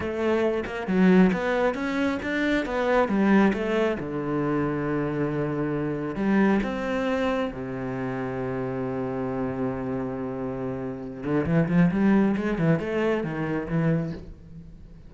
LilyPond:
\new Staff \with { instrumentName = "cello" } { \time 4/4 \tempo 4 = 136 a4. ais8 fis4 b4 | cis'4 d'4 b4 g4 | a4 d2.~ | d2 g4 c'4~ |
c'4 c2.~ | c1~ | c4. d8 e8 f8 g4 | gis8 e8 a4 dis4 e4 | }